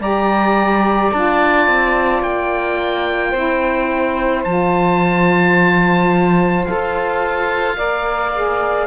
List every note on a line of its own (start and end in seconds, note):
0.00 1.11 G3
0.00 1.13 G4
0.00 3.31 D5
0.00 1.12 A#5
1.12 1.67 D4
1.12 3.35 F4
1.12 2.23 A5
1.67 2.23 C4
2.23 3.33 A#3
2.23 4.44 G5
3.31 4.44 C4
3.31 4.46 E4
3.31 7.75 C5
4.44 6.68 F3
4.44 6.67 F4
4.44 6.66 A5
6.66 7.78 F4
6.66 7.76 A4
6.66 8.87 F5
7.76 8.87 A#3
7.76 8.31 A#4
7.76 8.87 D5
8.34 8.87 G#4